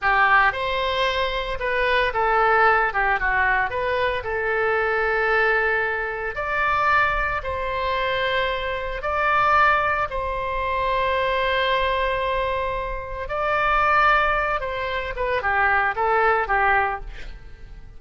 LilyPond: \new Staff \with { instrumentName = "oboe" } { \time 4/4 \tempo 4 = 113 g'4 c''2 b'4 | a'4. g'8 fis'4 b'4 | a'1 | d''2 c''2~ |
c''4 d''2 c''4~ | c''1~ | c''4 d''2~ d''8 c''8~ | c''8 b'8 g'4 a'4 g'4 | }